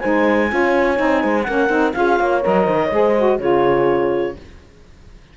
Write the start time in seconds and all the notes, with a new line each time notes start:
0.00 G#3 D#4 C5 G#5
0.50 C#4 F4 C#5
0.96 C4 D#4
1.22 G#3 C5
1.43 A#3 C#4 A#4 F#5
1.70 C4 D#4
1.94 C#4 F4 G#4 F5
2.20 A#3 C#5
2.43 F#3 A#4 D#5
2.65 D#3 C5
2.83 C#5
2.91 G#3 G#4 C5
3.18 F#4
3.39 C#3 F4 G#4 C#5